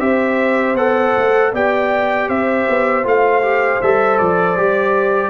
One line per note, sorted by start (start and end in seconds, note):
0.00 0.75 C4
0.00 0.76 G4
0.00 1.53 C5
0.00 0.76 E5
0.75 1.13 B3
0.75 1.53 A4
0.75 1.53 F#5
1.17 1.53 A3
1.53 2.29 B3
1.53 3.04 G4
1.53 2.29 D5
1.53 2.29 G5
2.29 2.67 C4
2.29 5.31 C5
2.29 3.05 E5
2.69 3.05 B3
3.04 3.81 A3
3.04 3.42 F4
3.04 3.82 F5
3.42 3.80 G4
3.82 4.20 G3
3.82 4.57 A4
3.82 4.18 E5
4.18 4.57 F3
4.18 5.31 D5
4.57 5.31 G3
4.57 5.31 G4